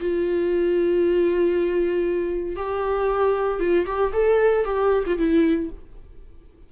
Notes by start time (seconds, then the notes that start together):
0.00 F4
2.56 G4
3.60 F4
3.86 G4
4.13 A4
4.65 G4
5.06 F4
5.18 E4